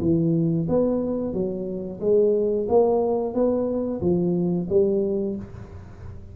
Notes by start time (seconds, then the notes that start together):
0.00 E3
0.68 B3
1.33 F#3
2.00 G#3
2.68 A#3
3.34 B3
4.01 F3
4.69 G3